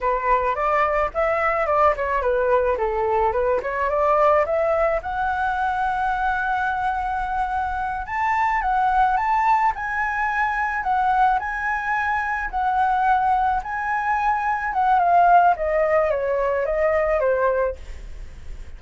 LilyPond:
\new Staff \with { instrumentName = "flute" } { \time 4/4 \tempo 4 = 108 b'4 d''4 e''4 d''8 cis''8 | b'4 a'4 b'8 cis''8 d''4 | e''4 fis''2.~ | fis''2~ fis''8 a''4 fis''8~ |
fis''8 a''4 gis''2 fis''8~ | fis''8 gis''2 fis''4.~ | fis''8 gis''2 fis''8 f''4 | dis''4 cis''4 dis''4 c''4 | }